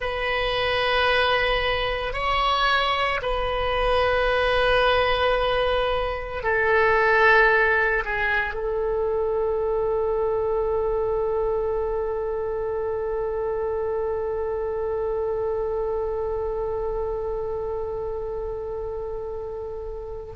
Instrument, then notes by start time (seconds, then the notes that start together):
oboe
0.00 B4
2.13 C#5
3.21 B4
6.43 A4
8.04 G#4
8.54 A4